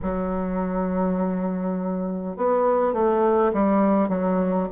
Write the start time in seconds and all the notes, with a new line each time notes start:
0.02 F#3
2.36 B3
2.93 A3
3.53 G3
4.09 F#3